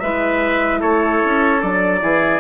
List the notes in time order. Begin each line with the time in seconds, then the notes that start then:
0.00 G#3 E4 B4 E5
0.80 A3 A4 C#5
1.25 C#4
1.62 F#3 D4 D5
2.01 E3 E4 G#4